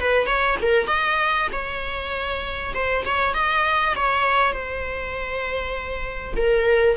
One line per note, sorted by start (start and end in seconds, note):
0.00 0.26 B4
0.26 0.57 C#5
0.62 0.87 A#4
0.87 1.48 D#5
1.52 2.74 C#5
2.74 3.05 C5
3.05 3.34 C#5
3.34 3.94 D#5
3.96 4.53 C#5
4.53 6.35 C5
6.36 6.97 A#4